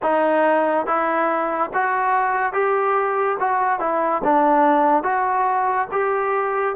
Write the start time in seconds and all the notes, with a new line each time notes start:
0.02 D#4
0.86 E4
1.73 F#4
2.52 G4
3.39 F#4
3.79 E4
4.24 D4
5.03 F#4
5.91 G4